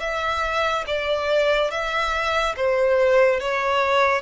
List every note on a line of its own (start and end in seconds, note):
0.00 0.85 E5
0.87 1.71 D5
1.71 2.55 E5
2.56 3.40 C5
3.40 4.22 C#5